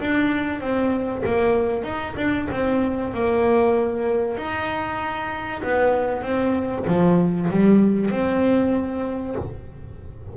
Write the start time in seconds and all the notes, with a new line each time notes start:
0.00 D4
0.60 C4
1.26 A#3
1.84 D#4
2.16 D4
2.51 C4
3.14 A#3
4.37 D#4
5.63 B3
6.22 C4
6.87 F3
7.50 G3
8.10 C4